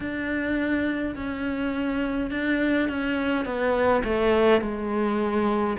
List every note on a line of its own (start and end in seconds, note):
0.00 1.15 D4
1.15 2.31 C#4
2.31 2.88 D4
2.88 3.45 C#4
3.45 4.02 B3
4.04 4.61 A3
4.61 5.76 G#3